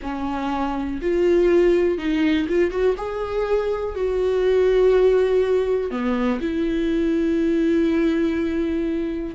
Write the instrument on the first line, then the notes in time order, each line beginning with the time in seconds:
viola
0.02 C#4
1.01 F4
1.98 D#4
2.48 F4
2.70 F#4
2.97 G#4
3.95 F#4
5.90 B3
6.40 E4